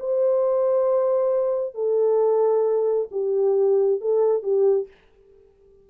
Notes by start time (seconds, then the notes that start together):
0.00 C5
1.75 A4
3.12 G4
4.01 A4
4.43 G4